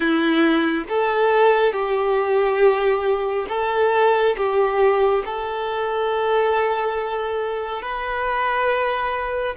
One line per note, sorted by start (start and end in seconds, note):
0.00 0.84 E4
0.89 1.72 A4
1.72 3.46 G4
3.49 4.36 A4
4.36 5.23 G4
5.24 7.81 A4
7.81 9.55 B4